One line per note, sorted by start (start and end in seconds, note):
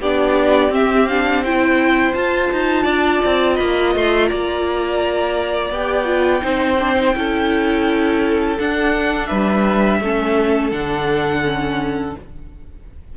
0.00 0.70 B3
0.00 0.70 D4
0.00 1.43 G4
0.00 0.73 D5
0.70 2.13 C4
0.70 1.06 C4
0.70 1.08 E5
1.08 1.45 D4
1.08 1.44 F5
1.43 2.14 E4
1.43 2.83 C5
1.43 2.14 G5
2.14 5.71 F4
2.14 2.51 F4
2.14 3.56 A5
2.52 2.85 D#4
2.83 3.21 D4
2.83 3.54 D5
3.25 3.60 C4
3.54 3.95 A#3
3.54 4.26 D#5
3.54 3.92 B5
3.95 4.31 A3
3.95 4.28 C6
4.28 5.70 A#3
4.28 6.43 D5
4.28 5.71 A#5
5.70 6.42 B3
5.70 6.06 G4
5.70 8.59 G5
6.06 6.41 F4
6.42 7.15 C4
6.42 6.77 D#4
6.42 7.15 C5
6.80 6.96 D4
6.96 7.14 D#4
7.14 8.58 C#4
7.14 8.57 E4
7.14 9.28 A4
8.59 10.02 D4
8.59 9.31 D4
8.59 9.26 F#5
9.26 10.01 G3
9.26 10.00 B4
9.26 10.69 E5
10.01 10.72 A3
10.01 10.72 C#4
10.01 12.17 A4
10.72 12.15 D3
10.72 11.43 D4
10.72 12.15 F#5
11.44 12.16 C#4